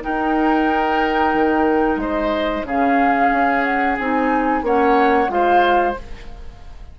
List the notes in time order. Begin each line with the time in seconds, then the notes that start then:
0.00 D#4 A#4 G5
1.34 D#3
1.96 G#3 C5 D#5
2.63 C#3 C#4 G#4 F5
3.32 C#4
3.63 F#5
3.98 C4 D#4 G#5
4.62 A#3 C#4 C#5 F#5
5.28 G#3 F4 C5 F5